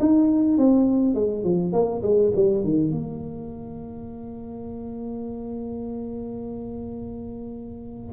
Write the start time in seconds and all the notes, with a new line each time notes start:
0.00 D#4
0.58 C4
1.15 G#3
1.44 F3
1.73 A#3
2.03 G#3
2.36 G3
2.64 D#3
2.91 A#3